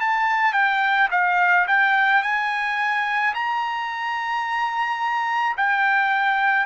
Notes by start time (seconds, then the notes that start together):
0.00 A5
0.53 G5
1.11 F5
1.67 G5
2.22 G#5
3.34 A#5
5.57 G5